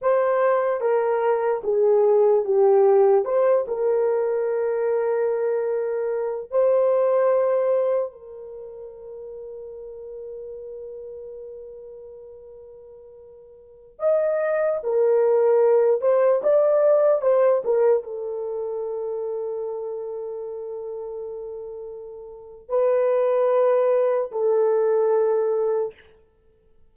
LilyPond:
\new Staff \with { instrumentName = "horn" } { \time 4/4 \tempo 4 = 74 c''4 ais'4 gis'4 g'4 | c''8 ais'2.~ ais'8 | c''2 ais'2~ | ais'1~ |
ais'4~ ais'16 dis''4 ais'4. c''16~ | c''16 d''4 c''8 ais'8 a'4.~ a'16~ | a'1 | b'2 a'2 | }